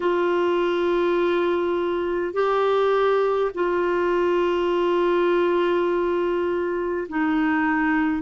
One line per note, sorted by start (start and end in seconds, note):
0.00 2.33 F4
2.33 3.51 G4
3.54 7.07 F4
7.09 8.22 D#4